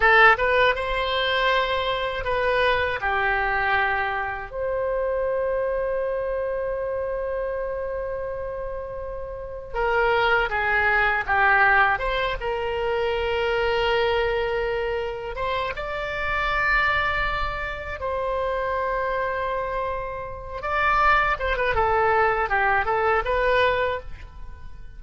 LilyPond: \new Staff \with { instrumentName = "oboe" } { \time 4/4 \tempo 4 = 80 a'8 b'8 c''2 b'4 | g'2 c''2~ | c''1~ | c''4 ais'4 gis'4 g'4 |
c''8 ais'2.~ ais'8~ | ais'8 c''8 d''2. | c''2.~ c''8 d''8~ | d''8 c''16 b'16 a'4 g'8 a'8 b'4 | }